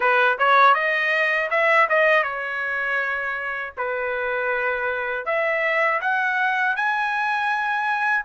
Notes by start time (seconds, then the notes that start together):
0.00 B4
0.38 C#5
0.74 D#5
1.50 E5
1.89 D#5
2.23 C#5
3.77 B4
5.25 E5
6.01 F#5
6.76 G#5